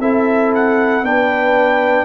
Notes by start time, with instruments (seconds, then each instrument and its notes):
0.00 tuba C4, trombone E4, horn A4, trumpet E5
0.55 trumpet F#5
1.03 tuba B3, trombone D4, horn B4, trumpet G5